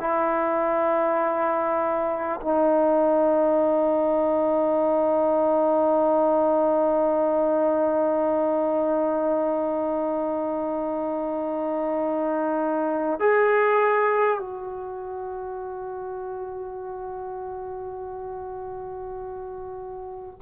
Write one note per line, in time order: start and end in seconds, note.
0.00 2.40 E4
2.41 13.20 D#4
13.20 14.39 G#4
14.39 20.39 F#4